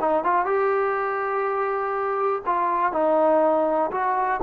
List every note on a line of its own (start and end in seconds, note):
0.00 0.24 D#4
0.24 0.45 F4
0.45 2.42 G4
2.46 2.92 F4
2.92 3.91 D#4
3.91 4.40 F#4